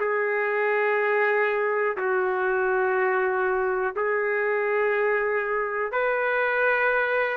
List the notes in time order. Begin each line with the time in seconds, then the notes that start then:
0.00 G#4
1.97 F#4
3.96 G#4
5.92 B4